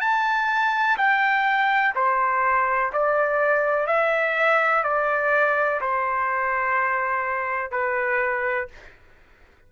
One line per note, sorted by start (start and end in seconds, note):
0.00 0.97 A5
0.98 1.94 G5
1.95 2.92 C5
2.93 3.87 D5
3.87 4.83 E5
4.83 5.80 D5
5.81 7.71 C5
7.71 8.68 B4